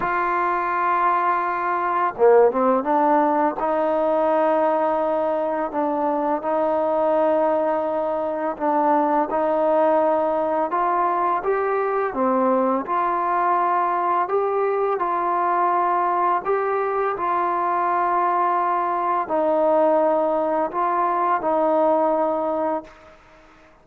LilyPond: \new Staff \with { instrumentName = "trombone" } { \time 4/4 \tempo 4 = 84 f'2. ais8 c'8 | d'4 dis'2. | d'4 dis'2. | d'4 dis'2 f'4 |
g'4 c'4 f'2 | g'4 f'2 g'4 | f'2. dis'4~ | dis'4 f'4 dis'2 | }